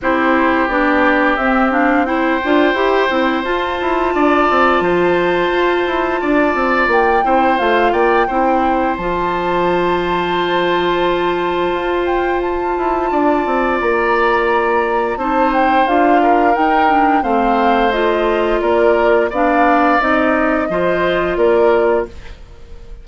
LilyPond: <<
  \new Staff \with { instrumentName = "flute" } { \time 4/4 \tempo 4 = 87 c''4 d''4 e''8 f''8 g''4~ | g''4 a''2.~ | a''2 g''4 f''8 g''8~ | g''4 a''2.~ |
a''4. g''8 a''2 | ais''2 a''8 g''8 f''4 | g''4 f''4 dis''4 d''4 | f''4 dis''2 d''4 | }
  \new Staff \with { instrumentName = "oboe" } { \time 4/4 g'2. c''4~ | c''2 d''4 c''4~ | c''4 d''4. c''4 d''8 | c''1~ |
c''2. d''4~ | d''2 c''4. ais'8~ | ais'4 c''2 ais'4 | d''2 c''4 ais'4 | }
  \new Staff \with { instrumentName = "clarinet" } { \time 4/4 e'4 d'4 c'8 d'8 e'8 f'8 | g'8 e'8 f'2.~ | f'2~ f'8 e'8 f'4 | e'4 f'2.~ |
f'1~ | f'2 dis'4 f'4 | dis'8 d'8 c'4 f'2 | d'4 dis'4 f'2 | }
  \new Staff \with { instrumentName = "bassoon" } { \time 4/4 c'4 b4 c'4. d'8 | e'8 c'8 f'8 e'8 d'8 c'8 f4 | f'8 e'8 d'8 c'8 ais8 c'8 a8 ais8 | c'4 f2.~ |
f4 f'4. e'8 d'8 c'8 | ais2 c'4 d'4 | dis'4 a2 ais4 | b4 c'4 f4 ais4 | }
>>